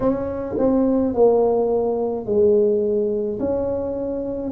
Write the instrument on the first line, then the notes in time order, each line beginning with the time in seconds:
tuba
0.00 C#4
0.58 C4
1.13 A#3
2.25 G#3
3.40 C#4